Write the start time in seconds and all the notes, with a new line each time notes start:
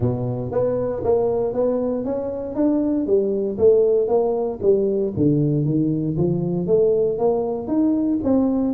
0.00 B2
0.51 B3
1.03 A#3
1.53 B3
2.04 C#4
2.55 D4
3.06 G3
3.58 A3
4.08 A#3
4.62 G3
5.16 D3
5.65 D#3
6.17 F3
6.67 A3
7.18 A#3
7.67 D#4
8.23 C4